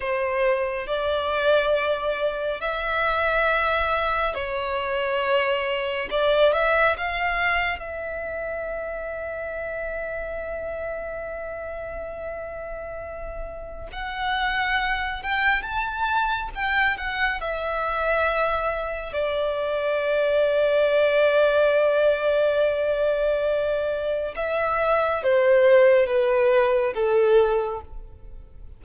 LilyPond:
\new Staff \with { instrumentName = "violin" } { \time 4/4 \tempo 4 = 69 c''4 d''2 e''4~ | e''4 cis''2 d''8 e''8 | f''4 e''2.~ | e''1 |
fis''4. g''8 a''4 g''8 fis''8 | e''2 d''2~ | d''1 | e''4 c''4 b'4 a'4 | }